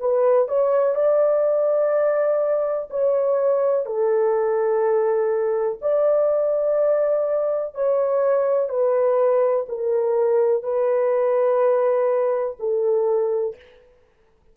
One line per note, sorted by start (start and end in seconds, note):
0.00 0.48 B4
0.48 0.95 C#5
0.95 2.89 D5
2.90 3.86 C#5
3.86 5.79 A4
5.82 7.75 D5
7.75 8.69 C#5
8.69 9.66 B4
9.69 10.63 A#4
10.63 12.57 B4
12.59 13.56 A4